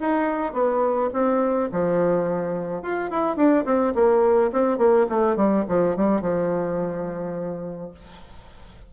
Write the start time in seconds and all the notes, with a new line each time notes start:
0.00 D#4
0.53 B3
1.13 C4
1.72 F3
2.82 F4
3.10 E4
3.36 D4
3.65 C4
3.94 A#3
4.52 C4
4.78 A#3
5.09 A3
5.36 G3
5.68 F3
5.96 G3
6.21 F3